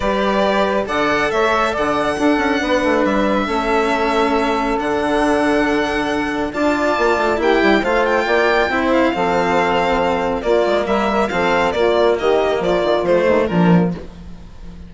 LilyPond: <<
  \new Staff \with { instrumentName = "violin" } { \time 4/4 \tempo 4 = 138 d''2 fis''4 e''4 | fis''2. e''4~ | e''2. fis''4~ | fis''2. a''4~ |
a''4 g''4 f''8 g''4.~ | g''8 f''2.~ f''8 | d''4 e''4 f''4 d''4 | dis''4 d''4 c''4 ais'4 | }
  \new Staff \with { instrumentName = "saxophone" } { \time 4/4 b'2 d''4 cis''4 | d''4 a'4 b'2 | a'1~ | a'2. d''4~ |
d''4 g'4 c''4 d''4 | c''4 a'2. | f'4 ais'4 a'4 f'4 | g'4 f'4. dis'8 d'4 | }
  \new Staff \with { instrumentName = "cello" } { \time 4/4 g'2 a'2~ | a'4 d'2. | cis'2. d'4~ | d'2. f'4~ |
f'4 e'4 f'2 | e'4 c'2. | ais2 c'4 ais4~ | ais2 a4 f4 | }
  \new Staff \with { instrumentName = "bassoon" } { \time 4/4 g2 d4 a4 | d4 d'8 cis'8 b8 a8 g4 | a2. d4~ | d2. d'4 |
ais8 a8 ais8 g8 a4 ais4 | c'4 f2. | ais8 gis8 g4 f4 ais4 | dis4 f8 dis8 f8 dis,8 ais,4 | }
>>